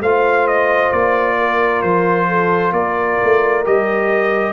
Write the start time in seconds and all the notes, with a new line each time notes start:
0.00 A3 F4 C5 F5
0.47 D#5
0.92 A#3 D5
1.38 A#4
1.82 F3 C5
2.27 A4
2.72 A#3 A#4 D5
3.23 A3
3.64 G3 G4 D#5